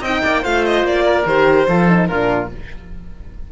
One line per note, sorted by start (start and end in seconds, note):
0.00 0.21 C4
0.00 0.43 D#4
0.00 0.21 D#5
0.00 0.44 G5
0.23 0.45 A#3
0.23 0.42 D5
0.42 0.83 A3
0.42 1.26 F4
0.42 1.04 C5
0.42 0.65 F5
0.65 0.86 D#5
0.83 1.24 A#3
0.83 1.27 D5
1.05 1.67 A#4
1.25 1.67 D#3
1.25 1.68 G4
1.25 2.06 C5
1.68 2.10 F3
1.68 1.88 F4
1.68 2.08 A4
1.88 2.09 D#4
2.06 2.52 A#2
2.06 2.51 D4
2.06 2.50 F4
2.06 2.48 A#4